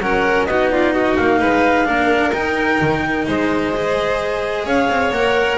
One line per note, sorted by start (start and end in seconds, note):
0.00 0.47 F#3
0.00 0.49 C#4
0.00 0.49 A#4
0.00 0.45 F#5
0.45 1.17 B3
0.45 1.85 D#4
0.45 0.72 F#4
0.45 0.68 D#5
0.72 0.94 F4
0.72 0.94 D5
0.94 1.40 F#4
0.94 1.17 D#5
1.17 1.42 A#3
1.17 2.33 F5
1.40 1.88 G#3
1.40 1.86 B4
1.85 2.33 A#3
1.85 2.32 D4
1.85 3.26 A#4
2.33 2.80 D#4
2.33 3.74 D#4
2.33 3.26 G5
2.81 3.28 D#3
3.27 4.65 G#3
3.27 4.65 C5
3.27 4.67 D#5
3.75 5.13 G#4
4.65 4.88 C#4
4.65 5.58 C#5
4.65 5.13 F5
4.89 5.12 C4
5.12 5.58 A#3
5.12 5.58 A#4
5.12 5.58 F#5